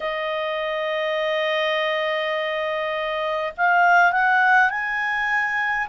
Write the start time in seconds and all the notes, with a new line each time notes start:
0.00 D#5
3.57 F5
4.12 F#5
4.70 G#5